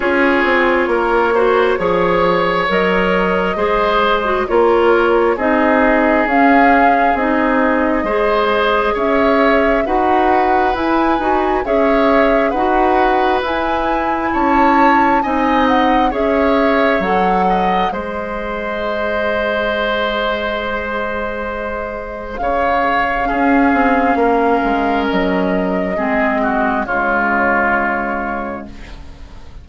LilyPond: <<
  \new Staff \with { instrumentName = "flute" } { \time 4/4 \tempo 4 = 67 cis''2. dis''4~ | dis''4 cis''4 dis''4 f''4 | dis''2 e''4 fis''4 | gis''4 e''4 fis''4 gis''4 |
a''4 gis''8 fis''8 e''4 fis''4 | dis''1~ | dis''4 f''2. | dis''2 cis''2 | }
  \new Staff \with { instrumentName = "oboe" } { \time 4/4 gis'4 ais'8 c''8 cis''2 | c''4 ais'4 gis'2~ | gis'4 c''4 cis''4 b'4~ | b'4 cis''4 b'2 |
cis''4 dis''4 cis''4. dis''8 | c''1~ | c''4 cis''4 gis'4 ais'4~ | ais'4 gis'8 fis'8 f'2 | }
  \new Staff \with { instrumentName = "clarinet" } { \time 4/4 f'4. fis'8 gis'4 ais'4 | gis'8. fis'16 f'4 dis'4 cis'4 | dis'4 gis'2 fis'4 | e'8 fis'8 gis'4 fis'4 e'4~ |
e'4 dis'4 gis'4 a'4 | gis'1~ | gis'2 cis'2~ | cis'4 c'4 gis2 | }
  \new Staff \with { instrumentName = "bassoon" } { \time 4/4 cis'8 c'8 ais4 f4 fis4 | gis4 ais4 c'4 cis'4 | c'4 gis4 cis'4 dis'4 | e'8 dis'8 cis'4 dis'4 e'4 |
cis'4 c'4 cis'4 fis4 | gis1~ | gis4 cis4 cis'8 c'8 ais8 gis8 | fis4 gis4 cis2 | }
>>